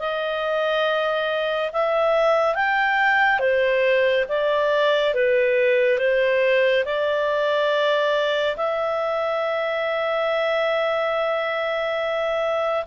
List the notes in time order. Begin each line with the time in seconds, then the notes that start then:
0.00 D#5
1.73 E5
2.56 G5
3.40 C5
4.29 D5
5.15 B4
5.99 C5
6.85 D5
8.57 E5